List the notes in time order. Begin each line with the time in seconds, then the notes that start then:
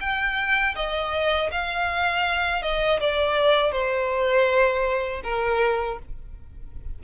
0.00 G5
0.75 D#5
1.51 F5
2.62 D#5
3.00 D5
3.72 C5
5.23 A#4